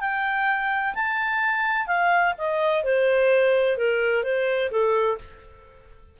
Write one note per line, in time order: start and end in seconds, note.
0.00 0.94 G5
0.94 1.87 A5
1.87 2.34 F5
2.38 2.83 D#5
2.83 3.77 C5
3.77 4.23 A#4
4.23 4.70 C5
4.71 5.18 A4